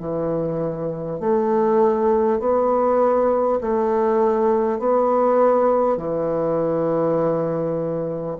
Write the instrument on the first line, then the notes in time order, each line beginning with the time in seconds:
bassoon
0.00 E3
1.19 A3
2.39 B3
3.61 A3
4.79 B3
5.97 E3